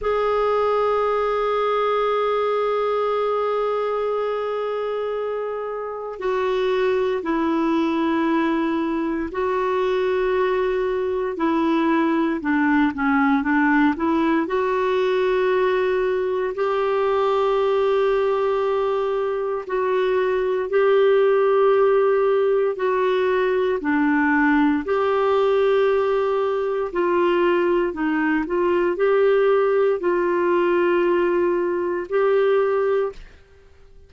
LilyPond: \new Staff \with { instrumentName = "clarinet" } { \time 4/4 \tempo 4 = 58 gis'1~ | gis'2 fis'4 e'4~ | e'4 fis'2 e'4 | d'8 cis'8 d'8 e'8 fis'2 |
g'2. fis'4 | g'2 fis'4 d'4 | g'2 f'4 dis'8 f'8 | g'4 f'2 g'4 | }